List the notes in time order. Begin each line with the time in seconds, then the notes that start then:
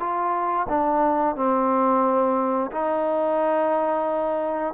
0.00 F4
0.69 D4
1.36 C4
2.72 D#4